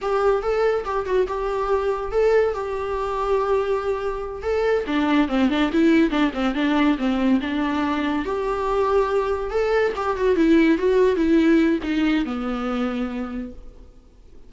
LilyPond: \new Staff \with { instrumentName = "viola" } { \time 4/4 \tempo 4 = 142 g'4 a'4 g'8 fis'8 g'4~ | g'4 a'4 g'2~ | g'2~ g'8 a'4 d'8~ | d'8 c'8 d'8 e'4 d'8 c'8 d'8~ |
d'8 c'4 d'2 g'8~ | g'2~ g'8 a'4 g'8 | fis'8 e'4 fis'4 e'4. | dis'4 b2. | }